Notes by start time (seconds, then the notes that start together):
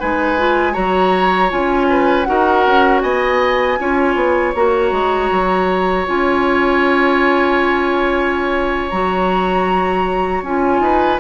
0.00 G#3 D#4 B4 G#5
0.38 F4
0.73 F#3 F#4 C#5 A#5
1.50 C#4 F4 G#5
1.90 B4
2.24 D#4 F#4 A#4 F#5
2.67 C#4
3.01 B3 D#5 G#5
3.79 C#4 F4 C#5
4.15 B3
4.55 A#3 F#4 A#5
4.92 G#3
5.31 F#3
6.07 C#4 F4 G#5
8.90 F#3 F#4 A#5
10.42 C#4 F4 G#5
10.80 D#4 B4